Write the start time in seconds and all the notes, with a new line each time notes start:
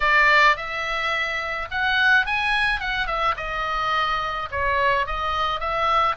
0.00 D5
0.56 E5
1.70 F#5
2.26 G#5
2.79 F#5
3.07 E5
3.36 D#5
4.51 C#5
5.06 D#5
5.60 E5